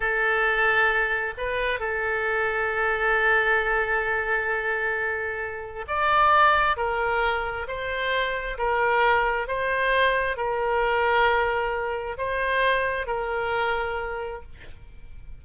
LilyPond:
\new Staff \with { instrumentName = "oboe" } { \time 4/4 \tempo 4 = 133 a'2. b'4 | a'1~ | a'1~ | a'4 d''2 ais'4~ |
ais'4 c''2 ais'4~ | ais'4 c''2 ais'4~ | ais'2. c''4~ | c''4 ais'2. | }